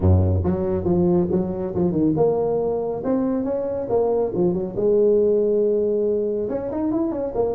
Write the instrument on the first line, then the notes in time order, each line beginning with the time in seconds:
tuba
0.00 F#2
0.43 F#3
0.84 F3
1.31 F#3
1.74 F3
1.91 D#3
2.16 A#3
3.04 C4
3.44 C#4
3.89 A#3
4.34 F3
4.53 F#3
4.76 G#3
6.49 C#4
6.71 D#4
6.91 E4
7.11 C#4
7.34 A#3